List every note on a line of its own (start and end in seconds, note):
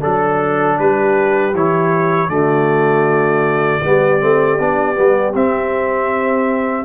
0.00 0.79 F#3
0.00 1.53 D4
0.00 0.76 A4
0.00 0.79 A4
0.79 1.54 G3
0.79 2.30 G4
0.79 1.55 B4
1.54 2.29 E3
1.54 2.29 E4
1.54 2.30 C#5
2.29 3.81 D3
2.29 3.81 A3
2.29 3.82 F#4
2.29 5.34 D5
3.84 4.22 G3
3.84 4.20 B3
3.84 6.85 G4
4.20 4.60 A3
4.20 4.58 C4
4.59 4.98 B3
4.59 4.95 D4
4.95 5.34 G3
4.95 5.33 B3
5.34 6.85 C4
5.34 6.85 E5